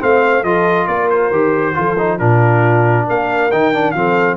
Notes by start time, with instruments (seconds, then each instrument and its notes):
0.00 tuba A3, trombone C4, horn C5, trumpet F5
0.43 tuba F3, trombone F4, horn A4, trumpet D#5
0.87 tuba A#3, horn A#4, trumpet D5
1.10 trumpet C5
1.31 tuba D#3, trombone G4
1.74 tuba F3, trombone F4, horn A4
1.98 trombone D#4
2.18 tuba A#2, trombone D4, horn F4, trumpet A#4
3.07 tuba A#3, horn A#4, trumpet F5
3.51 tuba D#3, trombone D#4, trumpet G5
3.74 trombone D4
3.91 tuba F3, trombone C4, horn A4, trumpet F5